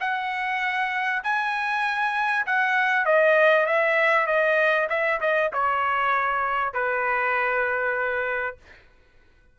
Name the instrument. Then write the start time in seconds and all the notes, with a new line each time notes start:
trumpet
0.00 F#5
1.23 G#5
2.46 F#5
3.05 D#5
3.66 E5
4.26 D#5
4.89 E5
5.20 D#5
5.53 C#5
6.73 B4